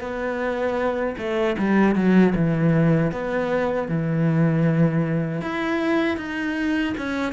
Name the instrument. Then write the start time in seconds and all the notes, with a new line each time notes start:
cello
0.00 B3
1.17 A3
1.58 G3
1.95 F#3
2.35 E3
3.11 B3
3.88 E3
5.41 E4
6.16 D#4
6.97 C#4